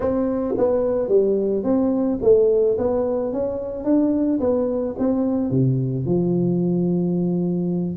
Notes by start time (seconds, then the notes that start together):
0.00 C4
0.57 B3
1.08 G3
1.63 C4
2.22 A3
2.77 B3
3.33 C#4
3.84 D4
4.40 B3
4.98 C4
5.50 C3
6.05 F3